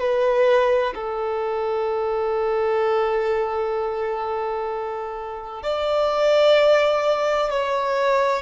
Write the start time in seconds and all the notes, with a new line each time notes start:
0.00 B4
0.95 A4
5.63 D5
7.51 C#5